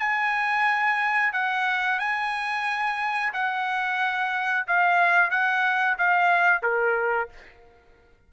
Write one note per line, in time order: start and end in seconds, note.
0.00 1.33 G#5
1.33 2.00 F#5
2.00 3.33 G#5
3.34 4.67 F#5
4.67 5.31 F5
5.31 5.98 F#5
5.98 6.63 F5
6.63 7.29 A#4